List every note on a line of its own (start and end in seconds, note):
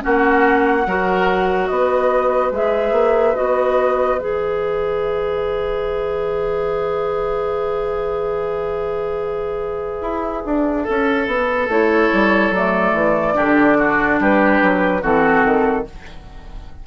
0.00 0.86 A#3
0.00 0.83 C#4
0.00 0.87 F#4
0.00 1.67 F#5
0.86 1.69 F#3
0.86 2.53 F#4
0.86 1.69 A#4
1.67 2.51 B3
1.67 10.83 B4
1.67 2.50 D#5
2.51 2.92 G#3
2.51 3.35 G#4
2.51 3.35 E5
2.92 3.33 A#3
3.35 4.19 B3
3.35 4.18 F#4
3.35 4.18 D#5
4.18 10.01 E3
4.18 10.85 G#4
4.18 11.68 E5
10.01 10.43 E4
10.45 10.87 D4
10.83 13.33 A4
10.83 11.68 A4
10.89 11.27 C#4
11.27 11.67 B3
11.67 12.09 A3
11.67 12.54 E4
11.67 12.54 C#5
12.13 12.51 G3
12.51 12.93 F#3
12.51 13.34 A3
12.51 14.21 D5
12.93 13.34 E3
13.34 14.19 D3
13.34 15.00 D4
13.34 13.77 G4
13.78 14.20 F#4
14.19 14.61 G3
14.19 15.01 G4
14.19 15.03 B4
14.62 15.02 F#3
15.01 15.43 E3
15.01 15.85 C4
15.01 15.85 F#4
15.01 15.86 A4
15.43 15.85 D#3